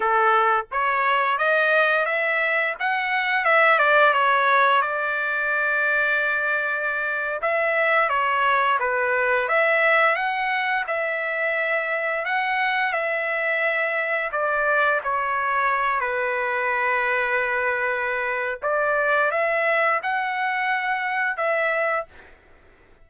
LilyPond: \new Staff \with { instrumentName = "trumpet" } { \time 4/4 \tempo 4 = 87 a'4 cis''4 dis''4 e''4 | fis''4 e''8 d''8 cis''4 d''4~ | d''2~ d''8. e''4 cis''16~ | cis''8. b'4 e''4 fis''4 e''16~ |
e''4.~ e''16 fis''4 e''4~ e''16~ | e''8. d''4 cis''4. b'8.~ | b'2. d''4 | e''4 fis''2 e''4 | }